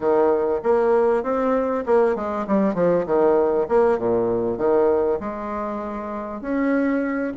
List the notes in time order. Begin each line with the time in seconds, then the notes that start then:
0.00 D#3
0.63 A#3
1.23 C4
1.86 A#3
2.15 G#3
2.47 G3
2.74 F3
3.06 D#3
3.68 A#3
3.98 A#2
4.58 D#3
5.20 G#3
6.41 C#4